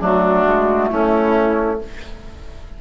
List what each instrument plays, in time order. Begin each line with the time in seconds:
0.00 bassoon F#3, clarinet A3, oboe D4, flute F#4
0.45 bassoon G#3
0.89 bassoon A3, oboe C#4, flute E4